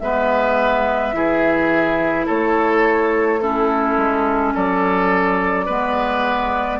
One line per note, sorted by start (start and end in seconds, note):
0.00 1.13 G#3
0.00 1.13 B3
0.00 1.16 B4
0.00 2.26 E5
1.13 2.27 E3
1.13 3.40 E4
1.13 2.26 G#4
2.26 3.97 A3
2.26 3.40 A4
2.26 3.41 C#5
3.41 5.68 C#4
3.41 4.54 E4
3.41 4.54 A4
3.97 4.54 G#3
4.54 5.69 F#3
4.54 5.66 A4
4.54 6.80 D5
5.66 6.80 G#3
5.66 6.80 B3
5.66 6.79 B4